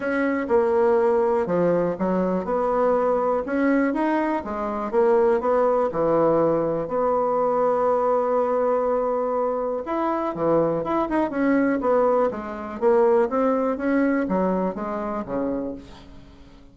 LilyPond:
\new Staff \with { instrumentName = "bassoon" } { \time 4/4 \tempo 4 = 122 cis'4 ais2 f4 | fis4 b2 cis'4 | dis'4 gis4 ais4 b4 | e2 b2~ |
b1 | e'4 e4 e'8 dis'8 cis'4 | b4 gis4 ais4 c'4 | cis'4 fis4 gis4 cis4 | }